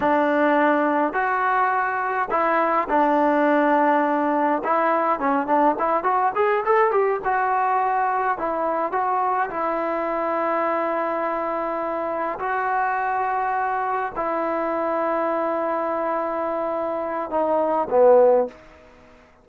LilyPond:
\new Staff \with { instrumentName = "trombone" } { \time 4/4 \tempo 4 = 104 d'2 fis'2 | e'4 d'2. | e'4 cis'8 d'8 e'8 fis'8 gis'8 a'8 | g'8 fis'2 e'4 fis'8~ |
fis'8 e'2.~ e'8~ | e'4. fis'2~ fis'8~ | fis'8 e'2.~ e'8~ | e'2 dis'4 b4 | }